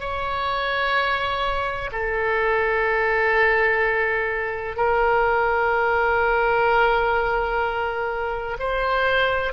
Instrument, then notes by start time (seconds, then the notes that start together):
oboe
0.00 C#5
1.92 A4
4.76 A#4
8.59 C5